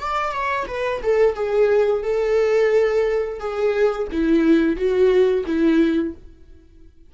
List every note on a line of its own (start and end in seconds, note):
0.00 0.32 D5
0.32 0.66 C#5
0.68 1.02 B4
1.03 1.35 A4
1.35 2.03 G#4
2.03 3.40 A4
3.40 4.08 G#4
4.12 4.77 E4
4.77 5.45 F#4
5.47 6.15 E4